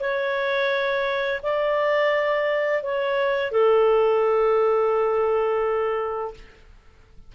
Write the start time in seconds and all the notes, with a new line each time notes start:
0.00 C#5
1.42 D5
2.83 C#5
3.52 A4